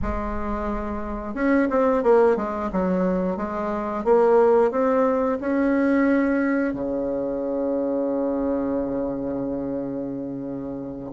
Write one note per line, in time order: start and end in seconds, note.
0.02 1.34 G#3
1.34 1.68 C#4
1.69 2.03 C4
2.03 2.36 A#3
2.36 2.70 G#3
2.72 3.36 F#3
3.36 4.04 G#3
4.04 4.71 A#3
4.71 5.38 C4
5.40 6.73 C#4
6.73 11.11 C#3